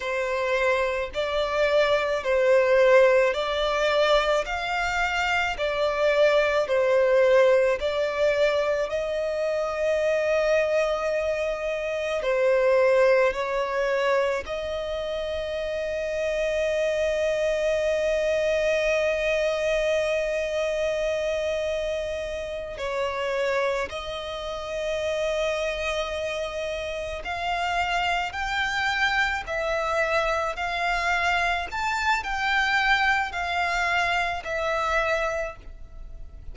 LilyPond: \new Staff \with { instrumentName = "violin" } { \time 4/4 \tempo 4 = 54 c''4 d''4 c''4 d''4 | f''4 d''4 c''4 d''4 | dis''2. c''4 | cis''4 dis''2.~ |
dis''1~ | dis''8 cis''4 dis''2~ dis''8~ | dis''8 f''4 g''4 e''4 f''8~ | f''8 a''8 g''4 f''4 e''4 | }